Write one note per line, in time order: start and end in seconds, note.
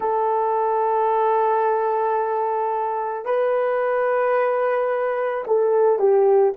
0.00 3.25 A4
3.25 5.43 B4
5.47 5.99 A4
5.99 6.53 G4